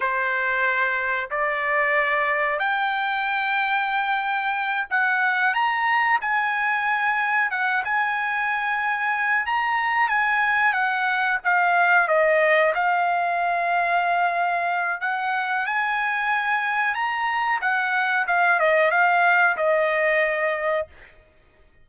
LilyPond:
\new Staff \with { instrumentName = "trumpet" } { \time 4/4 \tempo 4 = 92 c''2 d''2 | g''2.~ g''8 fis''8~ | fis''8 ais''4 gis''2 fis''8 | gis''2~ gis''8 ais''4 gis''8~ |
gis''8 fis''4 f''4 dis''4 f''8~ | f''2. fis''4 | gis''2 ais''4 fis''4 | f''8 dis''8 f''4 dis''2 | }